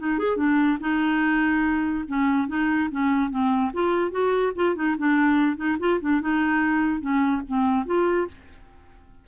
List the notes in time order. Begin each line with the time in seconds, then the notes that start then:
0.00 D#4
0.19 G#4
0.37 D4
0.81 D#4
2.08 C#4
2.48 D#4
2.92 C#4
3.31 C4
3.74 F4
4.12 F#4
4.56 F4
4.76 D#4
4.99 D4
5.57 D#4
5.80 F4
6.01 D4
6.21 D#4
7.01 C#4
7.48 C4
7.86 F4